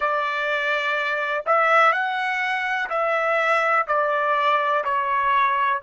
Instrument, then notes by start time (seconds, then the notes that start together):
trumpet
0.00 D5
1.46 E5
1.92 F#5
2.89 E5
3.87 D5
4.84 C#5